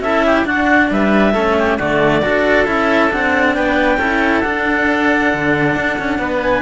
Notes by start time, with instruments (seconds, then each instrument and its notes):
0.00 cello C#4 E4, oboe A4, clarinet E5
0.26 oboe G4
0.45 cello D4, oboe F#4, clarinet F#5
0.90 cello G3, oboe B4, clarinet E5
1.33 cello A3 C#4, oboe A4
1.58 oboe G4
1.77 cello D3 A3, oboe F#4, clarinet D5
2.22 cello D4 F#4, oboe A4
2.65 cello C#4 E4, clarinet E5
3.10 cello C4 D4, clarinet F#5
3.54 cello B3, oboe B4, clarinet G5
3.97 cello C#4 E4, oboe A4
4.41 cello D4, clarinet F#5
5.33 cello D3
5.76 cello D4
5.98 cello C#4
6.18 cello B3, oboe B4
6.42 clarinet G#5